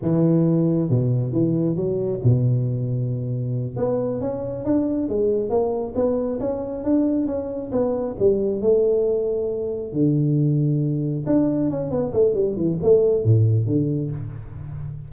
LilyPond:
\new Staff \with { instrumentName = "tuba" } { \time 4/4 \tempo 4 = 136 e2 b,4 e4 | fis4 b,2.~ | b,8 b4 cis'4 d'4 gis8~ | gis8 ais4 b4 cis'4 d'8~ |
d'8 cis'4 b4 g4 a8~ | a2~ a8 d4.~ | d4. d'4 cis'8 b8 a8 | g8 e8 a4 a,4 d4 | }